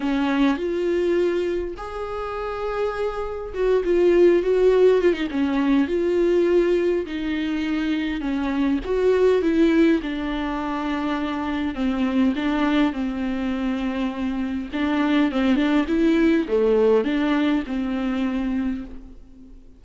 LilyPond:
\new Staff \with { instrumentName = "viola" } { \time 4/4 \tempo 4 = 102 cis'4 f'2 gis'4~ | gis'2 fis'8 f'4 fis'8~ | fis'8 f'16 dis'16 cis'4 f'2 | dis'2 cis'4 fis'4 |
e'4 d'2. | c'4 d'4 c'2~ | c'4 d'4 c'8 d'8 e'4 | a4 d'4 c'2 | }